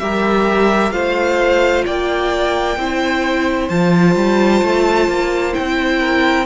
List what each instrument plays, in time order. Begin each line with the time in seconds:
0.00 cello G3, viola G4, violin A#4 E5
0.92 cello A3, viola F4, violin C5 F5
1.85 cello A#3, violin D5 G5
2.77 cello C4, viola E4, violin C5
3.69 cello F3, viola F4, violin A5
4.16 cello G3
4.63 cello A3
5.08 cello A#3
5.53 viola E4, violin G5
5.59 cello C4
6.00 violin A#4